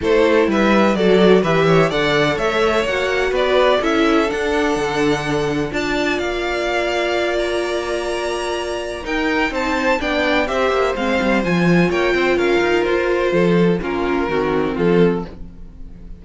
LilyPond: <<
  \new Staff \with { instrumentName = "violin" } { \time 4/4 \tempo 4 = 126 c''4 e''4 d''4 e''4 | fis''4 e''4 fis''4 d''4 | e''4 fis''2. | a''4 f''2~ f''8 ais''8~ |
ais''2. g''4 | a''4 g''4 e''4 f''4 | gis''4 g''4 f''4 c''4~ | c''4 ais'2 a'4 | }
  \new Staff \with { instrumentName = "violin" } { \time 4/4 a'4 b'4 a'4 b'8 cis''8 | d''4 cis''2 b'4 | a'1 | d''1~ |
d''2. ais'4 | c''4 d''4 c''2~ | c''4 cis''8 c''8 ais'2 | a'4 f'4 fis'4 f'4 | }
  \new Staff \with { instrumentName = "viola" } { \time 4/4 e'2 fis'4 g'4 | a'2 fis'2 | e'4 d'2. | f'1~ |
f'2. dis'4~ | dis'4 d'4 g'4 c'4 | f'1~ | f'4 cis'4 c'2 | }
  \new Staff \with { instrumentName = "cello" } { \time 4/4 a4 g4 fis4 e4 | d4 a4 ais4 b4 | cis'4 d'4 d2 | d'4 ais2.~ |
ais2. dis'4 | c'4 b4 c'8 ais8 gis8 g8 | f4 ais8 c'8 cis'8 dis'8 f'4 | f4 ais4 dis4 f4 | }
>>